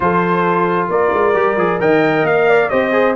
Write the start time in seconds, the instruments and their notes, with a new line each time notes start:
0.00 tuba F3, trombone F4, horn A4, trumpet C5
0.89 tuba A#3, horn A#4, trumpet D5
1.13 tuba G#3
1.34 tuba G3, trombone G4
1.56 tuba F3, trombone G#4
1.79 tuba D#3, trombone A#4, horn D#5, trumpet G5
2.22 tuba A#3, trumpet F5
2.48 horn D5
2.69 tuba C4, trombone G4, horn C5, trumpet D#5
2.91 trombone G#4